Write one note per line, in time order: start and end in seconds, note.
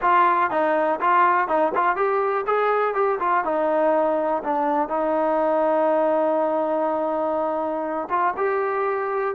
0.01 0.50 F4
0.50 0.99 D#4
1.00 1.48 F4
1.48 1.72 D#4
1.74 1.96 F4
1.96 2.45 G4
2.46 2.94 G#4
2.94 3.18 G4
3.19 3.44 F4
3.44 4.42 D#4
4.43 4.88 D4
4.88 8.08 D#4
8.09 8.34 F4
8.37 9.35 G4